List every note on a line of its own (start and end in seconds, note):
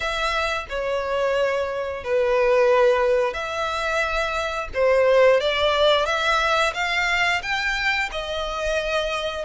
0.00 0.66 E5
0.69 2.03 C#5
2.03 3.33 B4
3.33 4.68 E5
4.74 5.40 C5
5.40 6.05 D5
6.05 6.73 E5
6.74 7.41 F5
7.42 8.09 G5
8.11 9.45 D#5